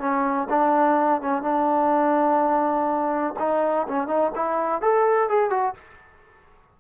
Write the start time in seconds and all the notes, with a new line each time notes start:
0.00 C#4
0.50 D4
1.22 C#4
1.43 D4
3.39 D#4
3.88 C#4
4.08 D#4
4.36 E4
4.82 A4
5.30 G#4
5.51 F#4